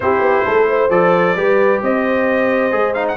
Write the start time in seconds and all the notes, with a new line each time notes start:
0.00 C4 E4 G4 C5
0.20 B3
0.45 A3 A4
0.69 C5
0.89 F3 A4 D5
1.36 G3 G4 B4
1.82 C4 C5 D#5
2.71 G#3 G#4
2.93 D#4 F5
3.07 F#5